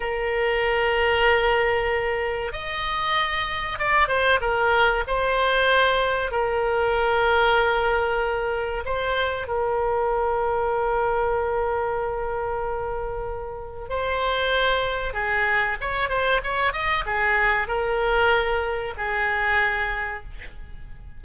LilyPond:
\new Staff \with { instrumentName = "oboe" } { \time 4/4 \tempo 4 = 95 ais'1 | dis''2 d''8 c''8 ais'4 | c''2 ais'2~ | ais'2 c''4 ais'4~ |
ais'1~ | ais'2 c''2 | gis'4 cis''8 c''8 cis''8 dis''8 gis'4 | ais'2 gis'2 | }